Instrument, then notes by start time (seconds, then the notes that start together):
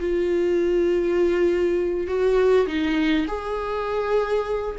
viola
0.00 F4
2.07 F#4
2.67 D#4
3.28 G#4